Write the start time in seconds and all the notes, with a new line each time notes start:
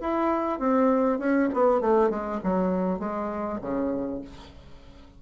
0.00 E4
0.59 C4
1.18 C#4
1.53 B3
1.80 A3
2.10 G#3
2.43 F#3
2.99 G#3
3.61 C#3